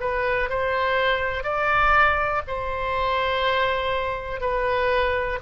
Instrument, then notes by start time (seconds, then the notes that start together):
oboe
0.00 B4
0.49 C5
1.43 D5
2.47 C5
4.40 B4